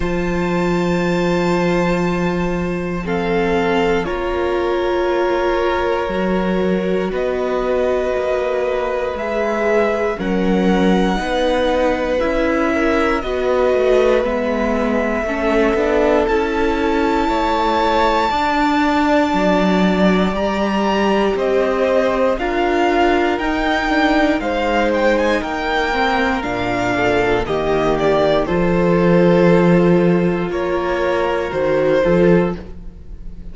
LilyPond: <<
  \new Staff \with { instrumentName = "violin" } { \time 4/4 \tempo 4 = 59 a''2. f''4 | cis''2. dis''4~ | dis''4 e''4 fis''2 | e''4 dis''4 e''2 |
a''1 | ais''4 dis''4 f''4 g''4 | f''8 g''16 gis''16 g''4 f''4 dis''8 d''8 | c''2 cis''4 c''4 | }
  \new Staff \with { instrumentName = "violin" } { \time 4/4 c''2. a'4 | ais'2. b'4~ | b'2 ais'4 b'4~ | b'8 ais'8 b'2 a'4~ |
a'4 cis''4 d''2~ | d''4 c''4 ais'2 | c''4 ais'4. a'8 g'4 | a'2 ais'4. a'8 | }
  \new Staff \with { instrumentName = "viola" } { \time 4/4 f'2. c'4 | f'2 fis'2~ | fis'4 gis'4 cis'4 dis'4 | e'4 fis'4 b4 cis'8 d'8 |
e'2 d'2 | g'2 f'4 dis'8 d'8 | dis'4. c'8 d'4 ais4 | f'2. fis'8 f'8 | }
  \new Staff \with { instrumentName = "cello" } { \time 4/4 f1 | ais2 fis4 b4 | ais4 gis4 fis4 b4 | cis'4 b8 a8 gis4 a8 b8 |
cis'4 a4 d'4 fis4 | g4 c'4 d'4 dis'4 | gis4 ais4 ais,4 dis4 | f2 ais4 dis8 f8 | }
>>